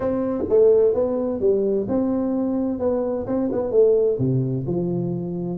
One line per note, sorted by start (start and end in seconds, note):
0.00 0.44 C4
0.49 0.94 A3
0.94 1.40 B3
1.40 1.86 G3
1.88 2.79 C4
2.79 3.26 B3
3.26 3.50 C4
3.52 3.71 B3
3.71 4.17 A3
4.18 4.65 C3
4.66 5.58 F3